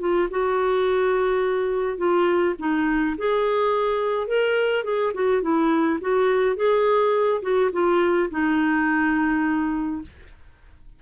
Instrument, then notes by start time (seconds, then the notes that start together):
clarinet
0.00 F4
0.31 F#4
1.98 F4
2.59 D#4
3.18 G#4
4.28 A#4
4.84 G#4
5.15 F#4
5.42 E4
6.01 F#4
6.56 G#4
7.42 F#4
7.73 F4
8.31 D#4